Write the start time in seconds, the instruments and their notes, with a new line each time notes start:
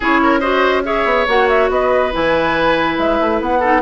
0.00 bassoon C#4, clarinet E4, oboe G#4, flute C#5
0.23 oboe A#4
0.40 clarinet F#4, oboe C5, flute D#5
0.84 clarinet G#4, oboe C#5, flute E5
1.05 bassoon B3
1.27 bassoon A#3, clarinet F#4, flute F#5
1.48 flute E5
1.69 bassoon B3, oboe B4, flute D#5
2.11 bassoon E3, clarinet E4, flute G#5
2.97 bassoon G#3, flute E5
3.20 bassoon A3
3.40 bassoon B3, flute F#5
3.59 clarinet D#4, oboe A4